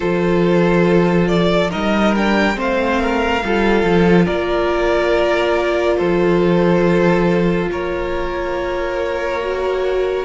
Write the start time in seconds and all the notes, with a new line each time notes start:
0.00 F3 F4 A4 C5
1.27 D5
1.70 G3 D#4 A#4 D#5
2.16 D4 G5
2.54 A3 C4 C5
2.60 F5
3.01 A#4
3.44 G3 F4 A4
3.83 F3
4.25 A#3 A#4 D5
5.97 F3 A4 C5
7.71 A#3 A#4 C#5
9.40 F#4